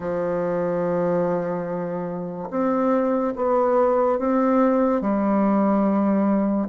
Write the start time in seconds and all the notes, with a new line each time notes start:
0.00 F3
2.50 C4
3.36 B3
4.19 C4
5.01 G3